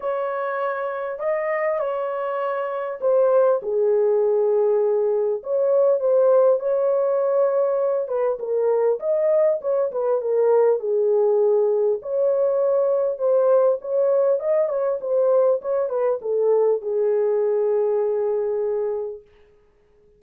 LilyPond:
\new Staff \with { instrumentName = "horn" } { \time 4/4 \tempo 4 = 100 cis''2 dis''4 cis''4~ | cis''4 c''4 gis'2~ | gis'4 cis''4 c''4 cis''4~ | cis''4. b'8 ais'4 dis''4 |
cis''8 b'8 ais'4 gis'2 | cis''2 c''4 cis''4 | dis''8 cis''8 c''4 cis''8 b'8 a'4 | gis'1 | }